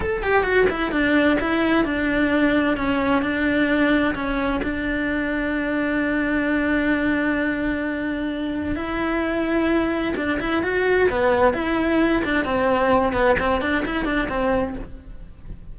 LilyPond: \new Staff \with { instrumentName = "cello" } { \time 4/4 \tempo 4 = 130 a'8 g'8 fis'8 e'8 d'4 e'4 | d'2 cis'4 d'4~ | d'4 cis'4 d'2~ | d'1~ |
d'2. e'4~ | e'2 d'8 e'8 fis'4 | b4 e'4. d'8 c'4~ | c'8 b8 c'8 d'8 e'8 d'8 c'4 | }